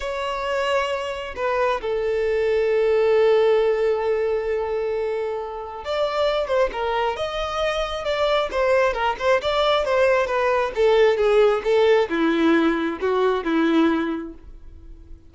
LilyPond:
\new Staff \with { instrumentName = "violin" } { \time 4/4 \tempo 4 = 134 cis''2. b'4 | a'1~ | a'1~ | a'4 d''4. c''8 ais'4 |
dis''2 d''4 c''4 | ais'8 c''8 d''4 c''4 b'4 | a'4 gis'4 a'4 e'4~ | e'4 fis'4 e'2 | }